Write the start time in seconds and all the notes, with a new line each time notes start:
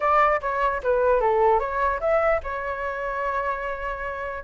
0.00 D5
0.41 C#5
0.83 B4
1.20 A4
1.59 C#5
2.00 E5
2.43 C#5